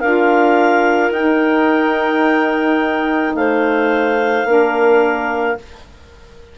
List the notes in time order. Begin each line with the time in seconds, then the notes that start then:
0.00 D4 F4 A#4 F5
1.10 D#4 G5
3.34 A3 C5 F5
4.44 A#3 D4 A#4